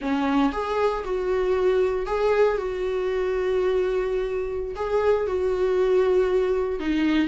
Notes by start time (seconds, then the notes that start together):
0.01 C#4
0.52 G#4
1.04 F#4
2.06 G#4
2.57 F#4
4.75 G#4
5.27 F#4
6.79 D#4